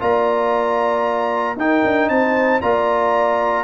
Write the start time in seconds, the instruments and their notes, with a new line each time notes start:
0.00 tuba A#3, trombone F4, horn D5, trumpet A#5
1.56 tuba D#4, trombone D#4, horn A#4, trumpet G5
1.84 tuba D4
2.09 tuba C4, horn C5, trumpet A5
2.61 tuba A#3, trombone F4, horn D5, trumpet A#5